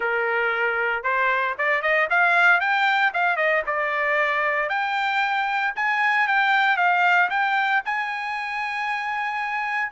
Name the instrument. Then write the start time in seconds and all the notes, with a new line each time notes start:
trumpet
0.00 A#4
1.03 C5
1.58 D5
1.81 D#5
2.09 F5
2.60 G5
3.13 F5
3.36 D#5
3.66 D5
4.69 G5
5.75 G#5
6.28 G5
6.77 F5
7.30 G5
7.85 G#5